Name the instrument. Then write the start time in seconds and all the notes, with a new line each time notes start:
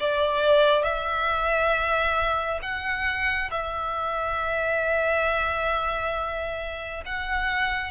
violin
0.00 D5
0.83 E5
2.61 F#5
3.51 E5
7.05 F#5